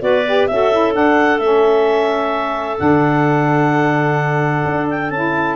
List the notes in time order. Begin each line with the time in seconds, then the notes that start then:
0.00 B3 F#4 B4 D5
0.27 G4
0.47 C#4 F#4 A4 E5
0.72 E4
0.93 D4 F#5
1.39 A3 C#4 E5
2.77 D3 D4 F#5
4.65 D4
4.90 G5
5.10 C#4 E4 A5